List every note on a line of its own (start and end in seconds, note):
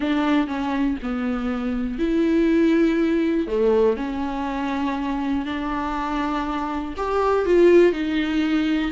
0.00 0.47 D4
0.47 0.96 C#4
1.02 1.98 B3
1.98 3.47 E4
3.47 3.96 A3
3.97 5.45 C#4
5.45 6.94 D4
6.97 7.45 G4
7.45 7.92 F4
7.92 8.91 D#4